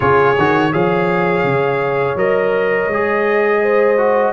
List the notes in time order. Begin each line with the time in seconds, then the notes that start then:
0.00 C#3 F4 G#4 C#5
0.37 D#3 F#4
0.72 F3 G#4 C#5 F5
1.43 C#3
2.15 F#3 A#4 D#5
2.87 G#3 G#4
3.62 C5
3.97 F#4